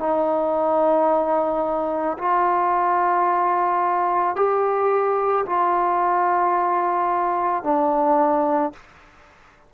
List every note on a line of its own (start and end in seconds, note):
0.00 2.18 D#4
2.19 4.36 F4
4.36 5.45 G4
5.46 7.64 F4
7.64 8.73 D4